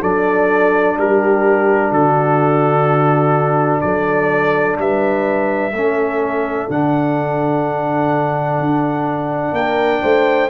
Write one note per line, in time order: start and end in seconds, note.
0.00 0.97 F#3
0.00 5.71 D4
0.00 0.96 A4
0.00 0.98 D5
0.97 1.91 G3
0.97 1.90 G4
0.97 1.92 A#4
1.90 3.82 D3
1.90 3.81 F#4
1.90 3.81 A4
3.81 4.77 F#3
3.81 4.79 A4
3.81 4.76 D5
4.77 5.72 G3
4.77 5.74 B4
4.77 6.70 E5
5.72 6.67 A3
5.72 6.69 C#4
5.72 9.54 A4
6.69 8.59 D3
6.69 10.49 D4
6.69 9.54 F#5
8.59 9.52 D4
9.52 9.99 A#3
9.52 10.02 A#4
9.52 10.49 G5
10.02 10.49 A3
10.02 10.49 C5